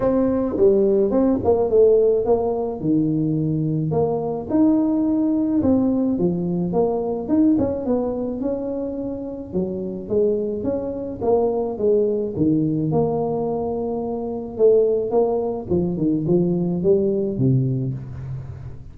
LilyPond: \new Staff \with { instrumentName = "tuba" } { \time 4/4 \tempo 4 = 107 c'4 g4 c'8 ais8 a4 | ais4 dis2 ais4 | dis'2 c'4 f4 | ais4 dis'8 cis'8 b4 cis'4~ |
cis'4 fis4 gis4 cis'4 | ais4 gis4 dis4 ais4~ | ais2 a4 ais4 | f8 dis8 f4 g4 c4 | }